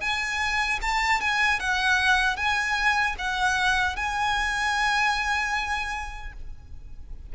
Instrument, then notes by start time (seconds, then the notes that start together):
violin
0.00 G#5
0.81 A5
1.20 G#5
1.59 F#5
2.36 G#5
3.18 F#5
3.95 G#5